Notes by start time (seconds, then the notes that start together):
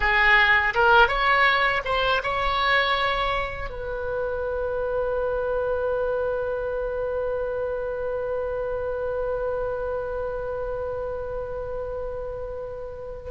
0.00 G#4
0.74 A#4
1.07 C#5
1.85 C5
2.23 C#5
3.69 B4